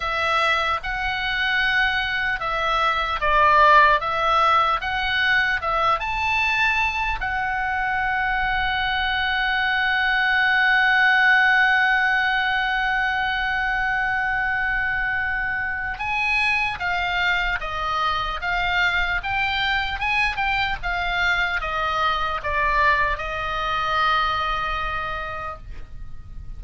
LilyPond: \new Staff \with { instrumentName = "oboe" } { \time 4/4 \tempo 4 = 75 e''4 fis''2 e''4 | d''4 e''4 fis''4 e''8 a''8~ | a''4 fis''2.~ | fis''1~ |
fis''1 | gis''4 f''4 dis''4 f''4 | g''4 gis''8 g''8 f''4 dis''4 | d''4 dis''2. | }